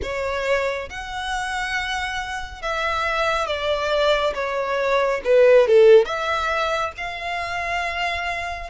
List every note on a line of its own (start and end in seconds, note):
0.02 0.89 C#5
0.89 2.62 F#5
2.62 3.46 E5
3.46 4.33 D5
4.34 5.21 C#5
5.24 5.67 B4
5.67 6.05 A4
6.05 6.92 E5
6.97 8.70 F5